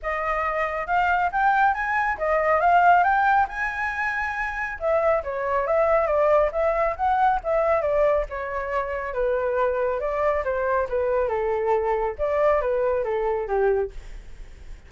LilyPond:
\new Staff \with { instrumentName = "flute" } { \time 4/4 \tempo 4 = 138 dis''2 f''4 g''4 | gis''4 dis''4 f''4 g''4 | gis''2. e''4 | cis''4 e''4 d''4 e''4 |
fis''4 e''4 d''4 cis''4~ | cis''4 b'2 d''4 | c''4 b'4 a'2 | d''4 b'4 a'4 g'4 | }